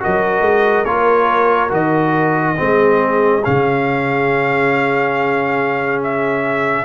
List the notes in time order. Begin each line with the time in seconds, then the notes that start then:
0.00 F#4 A#4 D#5
0.06 F#3
0.41 G#3
0.85 A#3 F4 C#5
1.70 D#3 F#4 D#5
2.57 G#3 C4 G#4
3.44 C#3 C#4 F5
6.04 E5